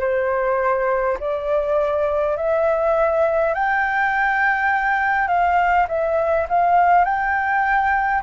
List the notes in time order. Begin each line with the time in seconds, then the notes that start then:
0.00 C5
1.20 D5
2.36 E5
3.54 G5
5.28 F5
5.88 E5
6.49 F5
7.04 G5